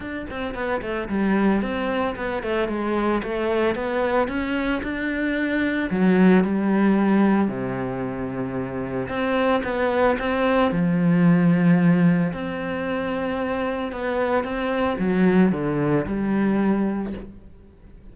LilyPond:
\new Staff \with { instrumentName = "cello" } { \time 4/4 \tempo 4 = 112 d'8 c'8 b8 a8 g4 c'4 | b8 a8 gis4 a4 b4 | cis'4 d'2 fis4 | g2 c2~ |
c4 c'4 b4 c'4 | f2. c'4~ | c'2 b4 c'4 | fis4 d4 g2 | }